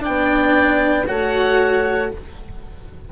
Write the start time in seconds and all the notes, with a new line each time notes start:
0.00 D4 D5 G5
0.06 B3
1.07 A3 F#4 C#5 F#5